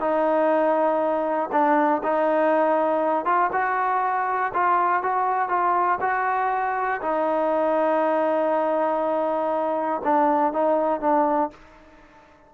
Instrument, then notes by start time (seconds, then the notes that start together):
trombone
0.00 D#4
1.52 D4
2.03 D#4
3.25 F4
3.52 F#4
4.54 F4
5.03 F#4
5.49 F4
6.01 F#4
7.02 D#4
10.04 D4
10.53 D#4
11.01 D4